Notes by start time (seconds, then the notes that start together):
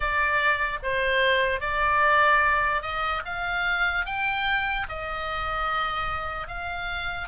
0.00 D5
0.82 C5
1.60 D5
2.82 D#5
3.25 F5
4.05 G5
4.89 D#5
6.47 F5